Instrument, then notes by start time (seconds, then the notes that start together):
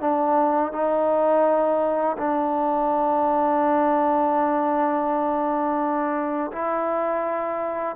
trombone
0.00 D4
0.72 D#4
2.17 D4
6.52 E4